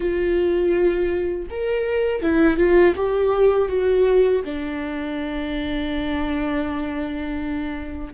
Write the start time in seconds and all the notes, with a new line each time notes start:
0.00 F4
1.50 A#4
2.22 E4
2.57 F4
2.96 G4
3.68 F#4
4.44 D4